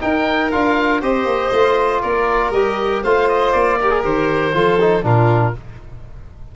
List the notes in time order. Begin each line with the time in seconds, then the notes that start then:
0.00 D#4 A#4 G5
0.51 D4 F4 F5
1.01 C4 G4 C5 D#5
1.25 A#3
1.52 A3 F4
2.02 A#3 A#4 D5
2.50 G3 G4 D#5
3.03 A3 F4 C5 F5
3.28 D#5
3.52 A#3 D5
3.79 G4 A#4
3.90 G#4
4.02 D#3 G4 C5
4.53 F3 F4 A4
4.80 D#4
5.02 A#2 D4 F4 A#4